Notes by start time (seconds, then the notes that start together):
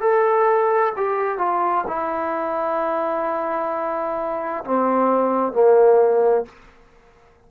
0.00 A4
0.96 G4
1.38 F4
1.87 E4
4.64 C4
5.53 A#3